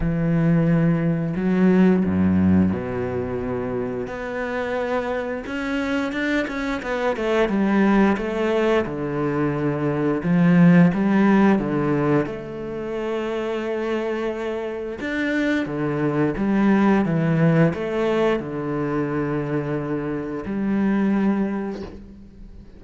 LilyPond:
\new Staff \with { instrumentName = "cello" } { \time 4/4 \tempo 4 = 88 e2 fis4 fis,4 | b,2 b2 | cis'4 d'8 cis'8 b8 a8 g4 | a4 d2 f4 |
g4 d4 a2~ | a2 d'4 d4 | g4 e4 a4 d4~ | d2 g2 | }